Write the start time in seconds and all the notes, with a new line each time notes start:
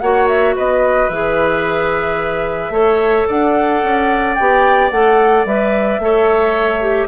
0.00 A#3 F#4 C#5 F#5
0.27 E5
0.55 B3 B4 D#5
1.09 E3 G#4 E5
2.70 A3 A4 C#5
3.28 D4 D5 F#5
3.83 C#4
4.35 B3 G4 G5
4.91 A3 A4 F#5
5.45 G3 B4 E5
5.99 A3 A4 C#5
6.81 G4